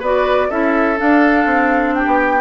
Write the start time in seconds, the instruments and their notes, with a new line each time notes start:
0.00 bassoon B3, clarinet F#4, oboe B4, flute D5
0.50 bassoon C#4, clarinet E4, oboe A4, flute E5
0.97 clarinet D4, bassoon D4, flute F5
1.46 bassoon C4
1.95 oboe G4, flute G5
2.07 bassoon B3